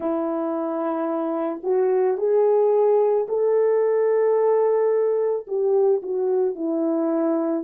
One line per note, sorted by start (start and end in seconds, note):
0.00 1.61 E4
1.63 2.17 F#4
2.17 3.26 G#4
3.28 5.46 A4
5.47 6.01 G4
6.02 6.55 F#4
6.55 7.64 E4